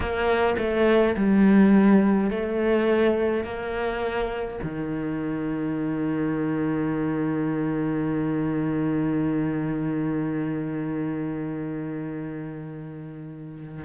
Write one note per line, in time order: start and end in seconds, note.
0.00 0.56 A#3
0.58 1.15 A3
1.16 2.30 G3
2.30 3.44 A3
3.44 4.59 A#3
4.63 13.84 D#3